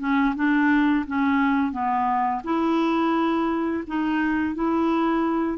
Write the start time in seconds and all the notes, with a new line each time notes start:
0.00 C#4
0.36 D4
1.07 C#4
1.73 B3
2.45 E4
3.88 D#4
4.55 E4